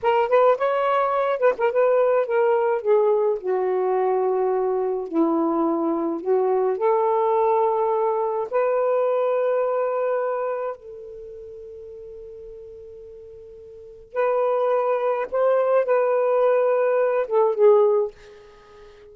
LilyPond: \new Staff \with { instrumentName = "saxophone" } { \time 4/4 \tempo 4 = 106 ais'8 b'8 cis''4. b'16 ais'16 b'4 | ais'4 gis'4 fis'2~ | fis'4 e'2 fis'4 | a'2. b'4~ |
b'2. a'4~ | a'1~ | a'4 b'2 c''4 | b'2~ b'8 a'8 gis'4 | }